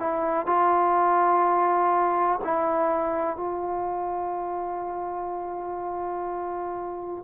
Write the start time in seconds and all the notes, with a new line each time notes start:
0.00 E4
0.47 F4
2.45 E4
3.37 F4